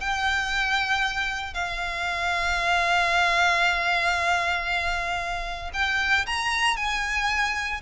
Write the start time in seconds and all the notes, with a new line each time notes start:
0.00 G5
1.53 F5
5.73 G5
6.26 A#5
6.77 G#5